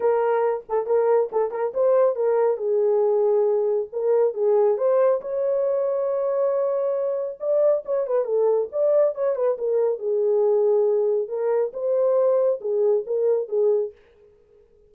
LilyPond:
\new Staff \with { instrumentName = "horn" } { \time 4/4 \tempo 4 = 138 ais'4. a'8 ais'4 a'8 ais'8 | c''4 ais'4 gis'2~ | gis'4 ais'4 gis'4 c''4 | cis''1~ |
cis''4 d''4 cis''8 b'8 a'4 | d''4 cis''8 b'8 ais'4 gis'4~ | gis'2 ais'4 c''4~ | c''4 gis'4 ais'4 gis'4 | }